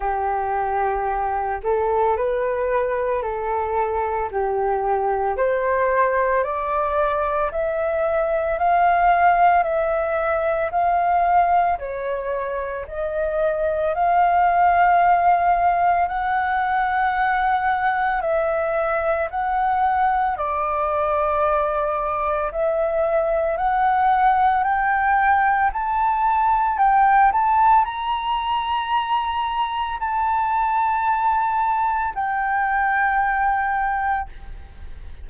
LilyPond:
\new Staff \with { instrumentName = "flute" } { \time 4/4 \tempo 4 = 56 g'4. a'8 b'4 a'4 | g'4 c''4 d''4 e''4 | f''4 e''4 f''4 cis''4 | dis''4 f''2 fis''4~ |
fis''4 e''4 fis''4 d''4~ | d''4 e''4 fis''4 g''4 | a''4 g''8 a''8 ais''2 | a''2 g''2 | }